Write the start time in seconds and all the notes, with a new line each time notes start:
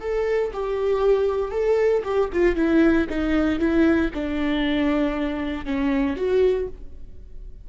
0.00 A4
0.53 G4
1.51 A4
2.04 G4
2.33 F4
2.55 E4
3.09 D#4
3.59 E4
4.14 D4
5.65 C#4
6.16 F#4